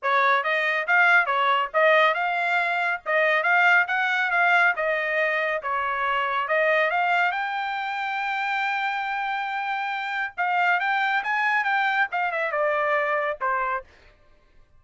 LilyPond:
\new Staff \with { instrumentName = "trumpet" } { \time 4/4 \tempo 4 = 139 cis''4 dis''4 f''4 cis''4 | dis''4 f''2 dis''4 | f''4 fis''4 f''4 dis''4~ | dis''4 cis''2 dis''4 |
f''4 g''2.~ | g''1 | f''4 g''4 gis''4 g''4 | f''8 e''8 d''2 c''4 | }